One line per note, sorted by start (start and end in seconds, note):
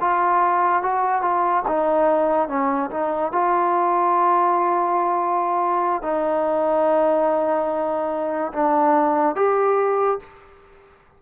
0.00 0.82 F4
0.82 1.21 F#4
1.21 1.63 F4
1.67 2.48 D#4
2.48 2.90 C#4
2.90 3.32 D#4
3.32 6.02 F4
6.02 8.52 D#4
8.53 9.36 D4
9.36 10.19 G4